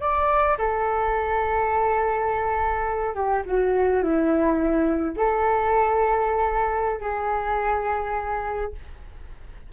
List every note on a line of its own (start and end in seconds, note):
0.00 0.57 D5
0.58 3.15 A4
3.15 3.43 G4
3.46 4.02 F#4
4.02 5.16 E4
5.16 7.00 A4
7.00 8.72 G#4